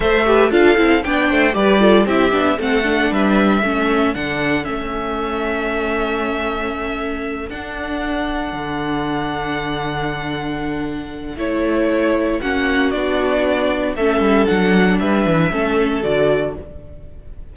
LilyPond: <<
  \new Staff \with { instrumentName = "violin" } { \time 4/4 \tempo 4 = 116 e''4 f''4 g''4 d''4 | e''4 fis''4 e''2 | fis''4 e''2.~ | e''2~ e''8 fis''4.~ |
fis''1~ | fis''2 cis''2 | fis''4 d''2 e''4 | fis''4 e''2 d''4 | }
  \new Staff \with { instrumentName = "violin" } { \time 4/4 c''8 b'8 a'4 d''8 c''8 b'8 a'8 | g'4 a'4 b'4 a'4~ | a'1~ | a'1~ |
a'1~ | a'1 | fis'2. a'4~ | a'4 b'4 a'2 | }
  \new Staff \with { instrumentName = "viola" } { \time 4/4 a'8 g'8 f'8 e'8 d'4 g'8 f'8 | e'8 d'8 c'8 d'4. cis'4 | d'4 cis'2.~ | cis'2~ cis'8 d'4.~ |
d'1~ | d'2 e'2 | cis'4 d'2 cis'4 | d'2 cis'4 fis'4 | }
  \new Staff \with { instrumentName = "cello" } { \time 4/4 a4 d'8 c'8 b8 a8 g4 | c'8 b8 a4 g4 a4 | d4 a2.~ | a2~ a8 d'4.~ |
d'8 d2.~ d8~ | d2 a2 | ais4 b2 a8 g8 | fis4 g8 e8 a4 d4 | }
>>